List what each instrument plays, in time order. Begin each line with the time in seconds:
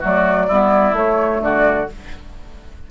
0.00 bassoon F#3, clarinet A3, oboe F#4, flute D5
0.47 bassoon G3, clarinet B3, oboe E4
0.93 bassoon A3, clarinet A3, flute C#5
1.41 bassoon D3, oboe F#4, flute D5